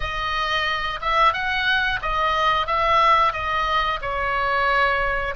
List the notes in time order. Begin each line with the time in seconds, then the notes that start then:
0.00 D#5
1.01 E5
1.33 F#5
2.02 D#5
2.66 E5
3.32 D#5
4.01 C#5